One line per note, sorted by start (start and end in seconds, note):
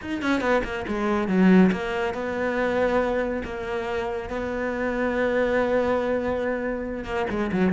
0.01 0.22 D#4
0.22 0.40 C#4
0.40 0.62 B3
0.64 0.85 A#3
0.87 1.28 G#3
1.28 1.70 F#3
1.72 2.14 A#3
2.14 3.42 B3
3.44 4.29 A#3
4.29 7.04 B3
7.04 7.25 A#3
7.30 7.51 G#3
7.51 7.72 F#3